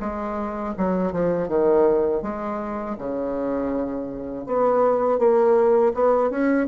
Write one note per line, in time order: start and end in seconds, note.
0.00 0.74 G#3
0.77 1.12 F#3
1.12 1.48 F3
1.48 2.22 D#3
2.22 2.96 G#3
2.98 4.46 C#3
4.46 5.19 B3
5.19 5.93 A#3
5.94 6.30 B3
6.30 6.67 C#4